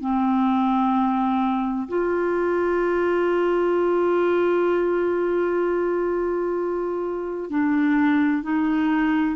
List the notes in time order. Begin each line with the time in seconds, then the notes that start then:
0.00 C4
1.88 F4
7.50 D4
8.43 D#4